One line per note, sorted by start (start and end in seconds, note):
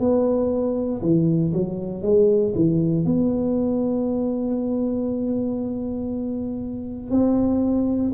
0.00 1.02 B3
1.02 1.53 E3
1.53 2.03 F#3
2.03 2.54 G#3
2.55 3.05 E3
3.05 7.11 B3
7.11 8.13 C4